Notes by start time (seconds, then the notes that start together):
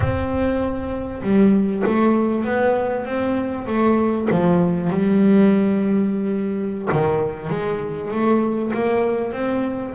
0.00 C4
1.22 G3
1.85 A3
2.44 B3
3.05 C4
3.67 A3
4.31 F3
4.90 G3
6.92 D#3
7.49 G#3
8.10 A3
8.73 A#3
9.32 C4